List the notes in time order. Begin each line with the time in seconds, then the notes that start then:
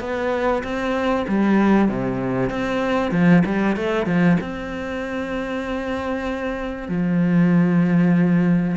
0.00 B3
0.63 C4
1.28 G3
1.88 C3
2.50 C4
3.11 F3
3.45 G3
3.76 A3
4.06 F3
4.40 C4
6.89 F3